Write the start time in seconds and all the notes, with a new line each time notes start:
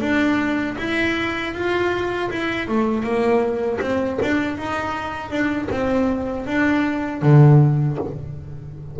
0.00 D4
0.78 E4
1.54 F4
2.30 E4
2.68 A3
3.03 A#3
3.80 C4
4.22 D4
4.57 D#4
5.30 D4
5.70 C4
6.46 D4
7.22 D3